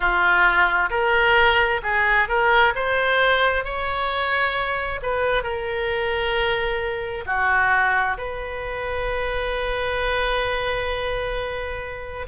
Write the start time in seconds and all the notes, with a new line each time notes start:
0.00 F4
0.90 A#4
1.82 G#4
2.28 A#4
2.75 C5
3.64 C#5
5.02 B4
5.43 A#4
7.26 F#4
8.17 B4